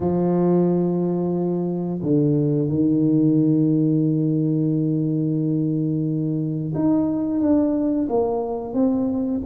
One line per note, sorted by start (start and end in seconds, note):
0.00 2.00 F3
2.02 2.68 D3
2.68 6.73 D#3
6.74 7.40 D#4
7.40 8.07 D4
8.09 8.73 A#3
8.73 9.41 C4